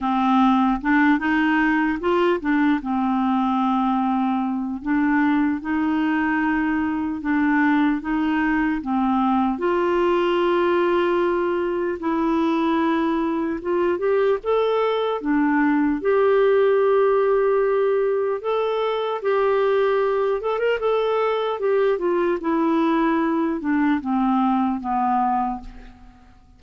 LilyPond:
\new Staff \with { instrumentName = "clarinet" } { \time 4/4 \tempo 4 = 75 c'4 d'8 dis'4 f'8 d'8 c'8~ | c'2 d'4 dis'4~ | dis'4 d'4 dis'4 c'4 | f'2. e'4~ |
e'4 f'8 g'8 a'4 d'4 | g'2. a'4 | g'4. a'16 ais'16 a'4 g'8 f'8 | e'4. d'8 c'4 b4 | }